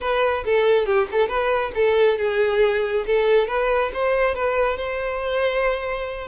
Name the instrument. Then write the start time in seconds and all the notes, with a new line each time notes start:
violin
0.01 B4
0.45 A4
0.85 G4
1.11 A4
1.28 B4
1.74 A4
2.18 G#4
3.06 A4
3.47 B4
3.93 C5
4.35 B4
4.77 C5